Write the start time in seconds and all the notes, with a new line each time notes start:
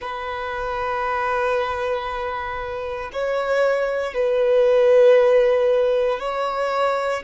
0.00 B4
3.12 C#5
4.14 B4
6.19 C#5